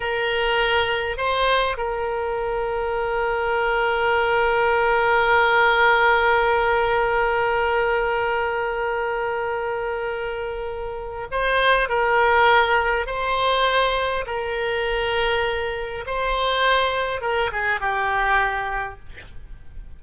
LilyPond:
\new Staff \with { instrumentName = "oboe" } { \time 4/4 \tempo 4 = 101 ais'2 c''4 ais'4~ | ais'1~ | ais'1~ | ais'1~ |
ais'2. c''4 | ais'2 c''2 | ais'2. c''4~ | c''4 ais'8 gis'8 g'2 | }